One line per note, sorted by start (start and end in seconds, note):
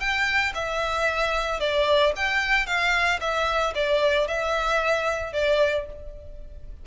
0.00 0.53 G5
0.55 1.60 E5
1.60 2.13 D5
2.16 2.66 G5
2.66 3.20 F5
3.20 3.73 E5
3.75 4.28 D5
4.28 5.33 E5
5.33 5.86 D5